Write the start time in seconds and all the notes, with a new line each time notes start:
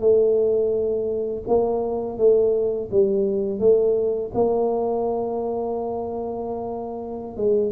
0.00 A3
1.47 A#3
2.18 A3
2.91 G3
3.59 A3
4.34 A#3
7.36 G#3